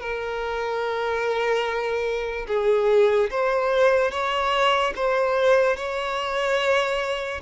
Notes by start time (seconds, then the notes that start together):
0.00 A#4
2.48 G#4
3.31 C5
4.11 C#5
4.96 C5
5.77 C#5